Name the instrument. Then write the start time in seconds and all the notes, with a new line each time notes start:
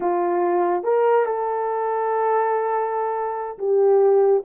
horn
0.00 F4
0.83 A#4
1.25 A4
3.58 G4